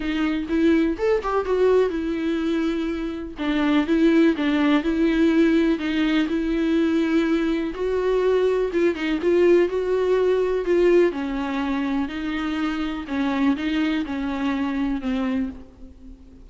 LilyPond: \new Staff \with { instrumentName = "viola" } { \time 4/4 \tempo 4 = 124 dis'4 e'4 a'8 g'8 fis'4 | e'2. d'4 | e'4 d'4 e'2 | dis'4 e'2. |
fis'2 f'8 dis'8 f'4 | fis'2 f'4 cis'4~ | cis'4 dis'2 cis'4 | dis'4 cis'2 c'4 | }